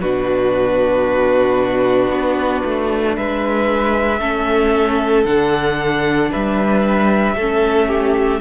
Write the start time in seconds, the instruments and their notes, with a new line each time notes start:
0.00 cello B2, viola D4, violin F#4 B4
2.09 cello B3
2.64 cello A3
3.16 cello G#3, violin B4 E5
4.19 cello A3, viola C#4, violin A4
5.25 cello D3, viola D4, violin F#5
6.30 cello G3, violin B4 E5
7.34 cello A3, viola C#4, violin A4
7.88 violin G4